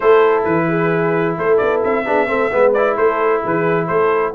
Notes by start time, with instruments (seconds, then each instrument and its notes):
0.00 tuba A3, trombone E4, horn A4, trumpet C5
0.44 tuba E3, trumpet B4
0.68 horn G#4
1.37 tuba A3, horn A4, trumpet C5
1.57 tuba B3, trumpet D5
1.83 tuba C4, trumpet E5
2.05 tuba B3, trombone D4, horn G#4
2.27 tuba A3, trombone C4, horn A4
2.52 tuba G#3, trombone B3, horn B4
2.73 trombone E4, trumpet D5
2.96 tuba A3, horn A4, trumpet C5
3.43 tuba E3, horn G#4, trumpet B4
3.86 tuba A3, horn A4, trumpet C5